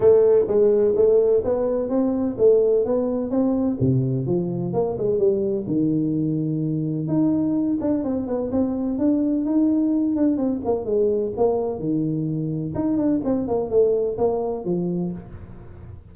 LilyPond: \new Staff \with { instrumentName = "tuba" } { \time 4/4 \tempo 4 = 127 a4 gis4 a4 b4 | c'4 a4 b4 c'4 | c4 f4 ais8 gis8 g4 | dis2. dis'4~ |
dis'8 d'8 c'8 b8 c'4 d'4 | dis'4. d'8 c'8 ais8 gis4 | ais4 dis2 dis'8 d'8 | c'8 ais8 a4 ais4 f4 | }